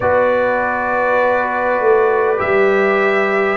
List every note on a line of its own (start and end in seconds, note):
0.00 1.79 B3
0.00 2.37 F#4
0.00 3.56 B4
0.00 2.39 D5
1.79 2.39 A3
2.37 3.56 G3
2.37 3.56 G4
2.37 3.56 E5